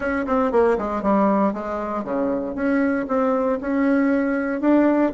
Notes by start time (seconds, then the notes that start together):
0.00 C#4
0.26 C4
0.51 A#3
0.77 G#3
1.02 G3
1.53 G#3
2.04 C#3
2.55 C#4
3.08 C4
3.60 C#4
4.60 D4